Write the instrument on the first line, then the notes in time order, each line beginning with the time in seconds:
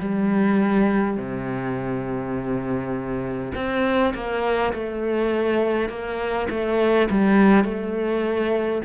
cello
0.00 G3
1.18 C3
3.56 C4
4.14 A#3
4.74 A3
5.90 A#3
6.50 A3
7.11 G3
7.65 A3